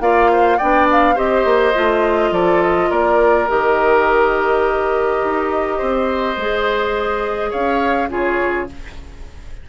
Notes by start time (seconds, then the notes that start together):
0.00 A#3 F4 D5 F5
0.31 C5
0.57 B3 D4 D5 G5
0.91 F5
1.15 C4 G4 C5 D#5
1.44 A#3
1.74 A3 F4
2.31 F3 A4 D5
2.61 D#5
2.89 A#3 A#4 D5
3.48 D#3 G4 D#5
5.23 D#4
5.78 C4 C5
6.36 G#3 G#4
7.50 C#4 C#5 F5
8.09 C#3 F4 G#4 C#5